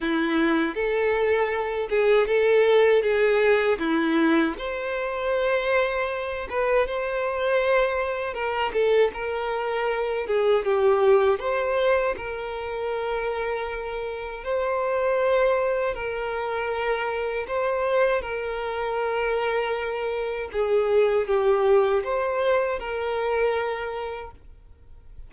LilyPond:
\new Staff \with { instrumentName = "violin" } { \time 4/4 \tempo 4 = 79 e'4 a'4. gis'8 a'4 | gis'4 e'4 c''2~ | c''8 b'8 c''2 ais'8 a'8 | ais'4. gis'8 g'4 c''4 |
ais'2. c''4~ | c''4 ais'2 c''4 | ais'2. gis'4 | g'4 c''4 ais'2 | }